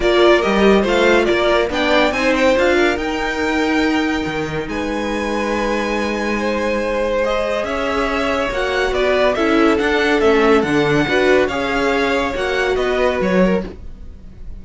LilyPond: <<
  \new Staff \with { instrumentName = "violin" } { \time 4/4 \tempo 4 = 141 d''4 dis''4 f''4 d''4 | g''4 gis''8 g''8 f''4 g''4~ | g''2. gis''4~ | gis''1~ |
gis''4 dis''4 e''2 | fis''4 d''4 e''4 fis''4 | e''4 fis''2 f''4~ | f''4 fis''4 dis''4 cis''4 | }
  \new Staff \with { instrumentName = "violin" } { \time 4/4 ais'2 c''4 ais'4 | d''4 c''4. ais'4.~ | ais'2. b'4~ | b'2. c''4~ |
c''2 cis''2~ | cis''4 b'4 a'2~ | a'2 b'4 cis''4~ | cis''2 b'4. ais'8 | }
  \new Staff \with { instrumentName = "viola" } { \time 4/4 f'4 g'4 f'2 | d'4 dis'4 f'4 dis'4~ | dis'1~ | dis'1~ |
dis'4 gis'2. | fis'2 e'4 d'4 | cis'4 d'4 fis'4 gis'4~ | gis'4 fis'2. | }
  \new Staff \with { instrumentName = "cello" } { \time 4/4 ais4 g4 a4 ais4 | b4 c'4 d'4 dis'4~ | dis'2 dis4 gis4~ | gis1~ |
gis2 cis'2 | ais4 b4 cis'4 d'4 | a4 d4 d'4 cis'4~ | cis'4 ais4 b4 fis4 | }
>>